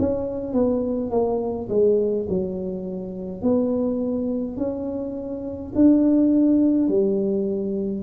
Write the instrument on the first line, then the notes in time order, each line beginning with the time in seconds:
tuba
0.00 C#4
0.53 B3
1.11 A#3
1.69 G#3
2.30 F#3
3.42 B3
4.57 C#4
5.75 D4
6.89 G3